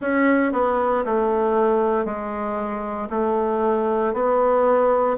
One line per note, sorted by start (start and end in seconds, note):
0.01 0.52 C#4
0.52 1.04 B3
1.05 2.05 A3
2.05 3.08 G#3
3.10 4.13 A3
4.13 5.17 B3